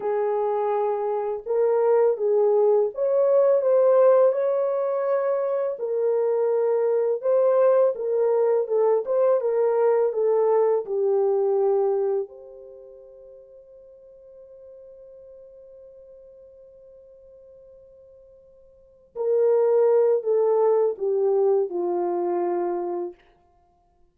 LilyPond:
\new Staff \with { instrumentName = "horn" } { \time 4/4 \tempo 4 = 83 gis'2 ais'4 gis'4 | cis''4 c''4 cis''2 | ais'2 c''4 ais'4 | a'8 c''8 ais'4 a'4 g'4~ |
g'4 c''2.~ | c''1~ | c''2~ c''8 ais'4. | a'4 g'4 f'2 | }